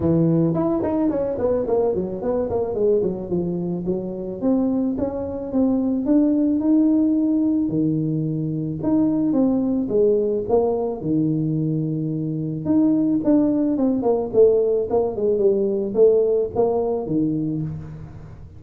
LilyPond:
\new Staff \with { instrumentName = "tuba" } { \time 4/4 \tempo 4 = 109 e4 e'8 dis'8 cis'8 b8 ais8 fis8 | b8 ais8 gis8 fis8 f4 fis4 | c'4 cis'4 c'4 d'4 | dis'2 dis2 |
dis'4 c'4 gis4 ais4 | dis2. dis'4 | d'4 c'8 ais8 a4 ais8 gis8 | g4 a4 ais4 dis4 | }